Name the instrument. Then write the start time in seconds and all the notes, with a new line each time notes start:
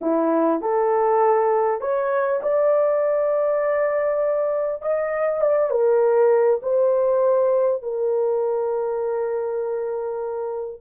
horn
0.01 E4
0.61 A4
1.80 C#5
2.42 D5
4.82 D#5
5.41 D5
5.70 A#4
6.62 C5
7.82 A#4